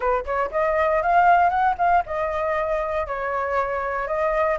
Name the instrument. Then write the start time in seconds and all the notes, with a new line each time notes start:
flute
0.00 B4
0.25 C#5
0.51 D#5
1.02 F5
1.49 F#5
1.78 F5
2.06 D#5
3.06 C#5
4.07 D#5